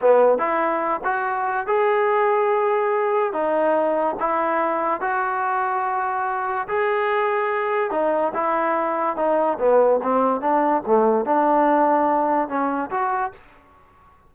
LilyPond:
\new Staff \with { instrumentName = "trombone" } { \time 4/4 \tempo 4 = 144 b4 e'4. fis'4. | gis'1 | dis'2 e'2 | fis'1 |
gis'2. dis'4 | e'2 dis'4 b4 | c'4 d'4 a4 d'4~ | d'2 cis'4 fis'4 | }